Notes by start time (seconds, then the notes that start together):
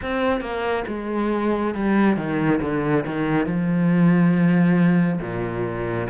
0.02 C4
0.40 A#3
0.87 G#3
1.74 G3
2.16 D#3
2.61 D3
3.06 D#3
3.45 F3
5.21 A#2